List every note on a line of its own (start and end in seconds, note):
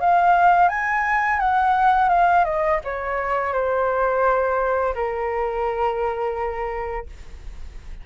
0.00 0.68 F5
0.68 1.39 G#5
1.39 2.09 F#5
2.09 2.44 F5
2.44 2.79 D#5
2.84 3.53 C#5
3.53 4.94 C5
4.94 7.06 A#4